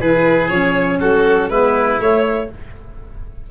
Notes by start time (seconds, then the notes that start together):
0.00 E3 E4 G#4 B4
0.48 F3 C#4 C#5
1.00 F#3 F#4 A4
1.49 G#3 B3 E4 B4
1.99 A3 C#5